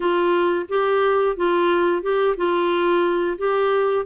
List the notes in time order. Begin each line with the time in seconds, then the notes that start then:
0.00 F4
0.68 G4
1.36 F4
2.02 G4
2.36 F4
3.38 G4